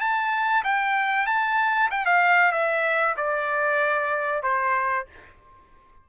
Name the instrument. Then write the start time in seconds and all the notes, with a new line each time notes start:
trumpet
0.00 A5
0.64 G5
1.26 A5
1.91 G5
2.05 F5
2.52 E5
3.16 D5
4.42 C5